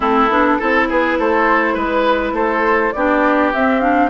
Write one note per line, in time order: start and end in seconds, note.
0.00 0.29 A3
0.00 0.29 C4
0.00 0.58 E4
0.00 0.88 A4
0.29 0.58 B3
0.29 0.59 D4
0.58 0.90 C4
0.58 2.95 E4
0.58 0.87 A4
0.88 1.18 B3
0.88 1.18 G#4
0.88 1.19 B4
1.18 1.75 A3
1.18 1.74 A4
1.18 1.76 C5
1.74 2.32 G#3
1.74 2.33 B4
1.74 2.34 B4
2.32 2.91 A3
2.32 2.93 A4
2.32 2.92 C5
2.92 3.54 B3
2.92 3.54 D4
2.92 4.10 G4
2.92 3.51 D5
3.53 4.10 C4
3.53 3.80 C4
3.53 3.80 E5
3.80 4.10 D4
3.80 4.09 F5